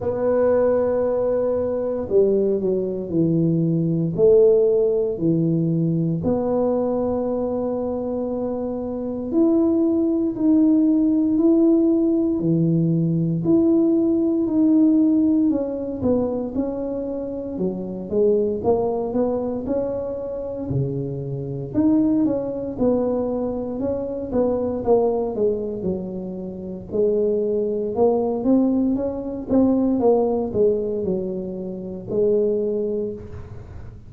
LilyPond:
\new Staff \with { instrumentName = "tuba" } { \time 4/4 \tempo 4 = 58 b2 g8 fis8 e4 | a4 e4 b2~ | b4 e'4 dis'4 e'4 | e4 e'4 dis'4 cis'8 b8 |
cis'4 fis8 gis8 ais8 b8 cis'4 | cis4 dis'8 cis'8 b4 cis'8 b8 | ais8 gis8 fis4 gis4 ais8 c'8 | cis'8 c'8 ais8 gis8 fis4 gis4 | }